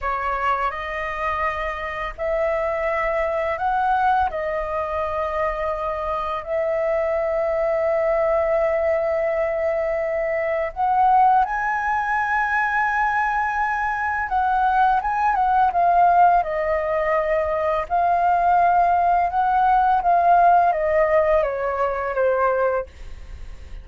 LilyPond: \new Staff \with { instrumentName = "flute" } { \time 4/4 \tempo 4 = 84 cis''4 dis''2 e''4~ | e''4 fis''4 dis''2~ | dis''4 e''2.~ | e''2. fis''4 |
gis''1 | fis''4 gis''8 fis''8 f''4 dis''4~ | dis''4 f''2 fis''4 | f''4 dis''4 cis''4 c''4 | }